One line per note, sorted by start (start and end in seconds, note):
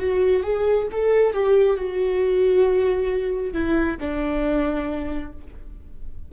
0.00 0.44 F#4
0.44 0.88 G#4
0.92 1.34 A4
1.34 1.77 G4
1.77 3.53 F#4
3.53 3.97 E4
4.00 5.33 D4